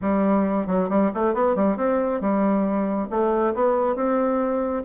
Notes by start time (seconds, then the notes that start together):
0.01 G3
0.67 F#3
0.89 G3
1.14 A3
1.34 B3
1.55 G3
1.76 C4
2.20 G3
3.10 A3
3.54 B3
3.95 C4